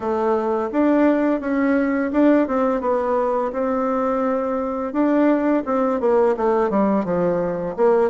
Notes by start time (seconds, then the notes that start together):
0.00 A3
0.72 D4
1.40 C#4
2.12 D4
2.47 C4
2.80 B3
3.52 C4
4.92 D4
5.65 C4
6.00 A#3
6.36 A3
6.70 G3
7.05 F3
7.76 A#3